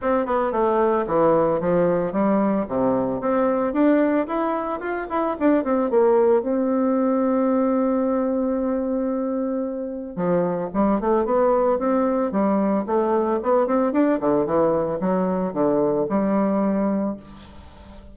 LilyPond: \new Staff \with { instrumentName = "bassoon" } { \time 4/4 \tempo 4 = 112 c'8 b8 a4 e4 f4 | g4 c4 c'4 d'4 | e'4 f'8 e'8 d'8 c'8 ais4 | c'1~ |
c'2. f4 | g8 a8 b4 c'4 g4 | a4 b8 c'8 d'8 d8 e4 | fis4 d4 g2 | }